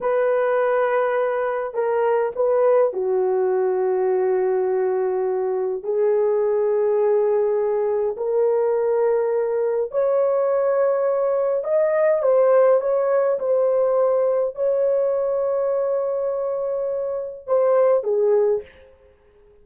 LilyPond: \new Staff \with { instrumentName = "horn" } { \time 4/4 \tempo 4 = 103 b'2. ais'4 | b'4 fis'2.~ | fis'2 gis'2~ | gis'2 ais'2~ |
ais'4 cis''2. | dis''4 c''4 cis''4 c''4~ | c''4 cis''2.~ | cis''2 c''4 gis'4 | }